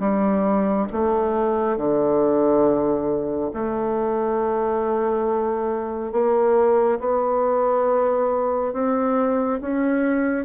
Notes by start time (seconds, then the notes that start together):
0.00 G3
0.92 A3
1.77 D3
3.53 A3
6.12 A#3
7.00 B3
8.73 C4
9.61 C#4